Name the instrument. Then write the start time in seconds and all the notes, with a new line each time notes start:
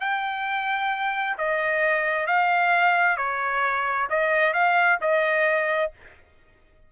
trumpet
0.00 G5
1.37 D#5
2.26 F5
3.17 C#5
4.09 D#5
4.53 F5
5.01 D#5